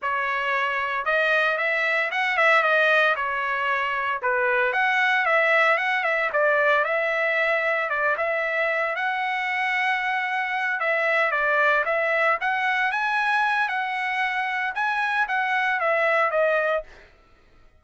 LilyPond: \new Staff \with { instrumentName = "trumpet" } { \time 4/4 \tempo 4 = 114 cis''2 dis''4 e''4 | fis''8 e''8 dis''4 cis''2 | b'4 fis''4 e''4 fis''8 e''8 | d''4 e''2 d''8 e''8~ |
e''4 fis''2.~ | fis''8 e''4 d''4 e''4 fis''8~ | fis''8 gis''4. fis''2 | gis''4 fis''4 e''4 dis''4 | }